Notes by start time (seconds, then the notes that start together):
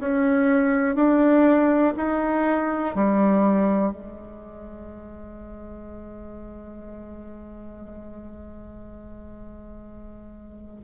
0.00 C#4
0.96 D4
1.97 D#4
2.95 G3
3.92 G#3